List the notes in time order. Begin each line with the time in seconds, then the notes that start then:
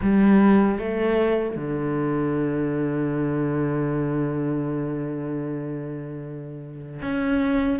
0.01 G3
0.78 A3
1.55 D3
7.02 C#4